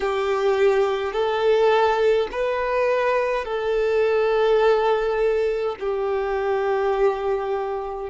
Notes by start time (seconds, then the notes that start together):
0.00 G4
1.12 A4
2.31 B4
3.45 A4
5.80 G4